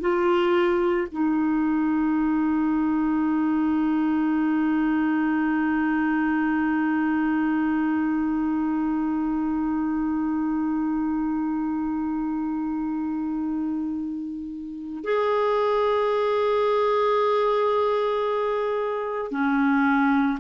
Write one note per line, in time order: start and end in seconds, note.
0.00 1.07 F4
1.12 15.04 D#4
15.04 19.31 G#4
19.31 20.38 C#4